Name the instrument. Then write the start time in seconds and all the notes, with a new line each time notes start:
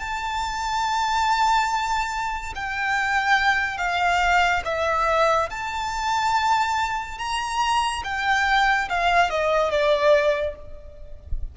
violin
0.00 A5
2.55 G5
3.78 F5
4.65 E5
5.50 A5
7.19 A#5
8.04 G5
8.90 F5
9.30 D#5
9.71 D5